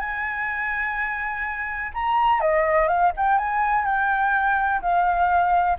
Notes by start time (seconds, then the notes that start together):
0.00 G#5
1.94 A#5
2.40 D#5
2.88 F5
3.17 G5
3.38 G#5
3.85 G5
4.81 F5